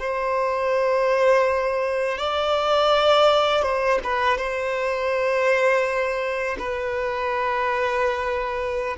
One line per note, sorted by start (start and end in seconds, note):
0.00 2.18 C5
2.18 3.63 D5
3.63 3.99 C5
4.04 4.38 B4
4.38 6.57 C5
6.59 8.97 B4